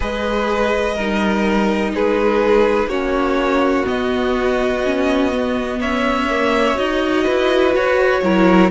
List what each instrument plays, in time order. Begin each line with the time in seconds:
0.00 cello G#3, viola G#4, violin B4 D#5
0.94 cello G3, viola D#4, violin A#4
1.94 cello G#3, violin G#4 B4
2.86 cello A#3, viola C#4, violin F#4 C#5
3.85 viola B3, cello B3, violin D#5
4.85 viola C#4
5.32 viola B3
5.79 cello C#4, violin C#5 E5
6.29 viola A#3
6.75 cello D#4, viola F#4, violin D#5
7.24 cello E4, violin B4
7.75 cello F#4, violin C#5
8.22 cello F#3, viola E4, violin A#4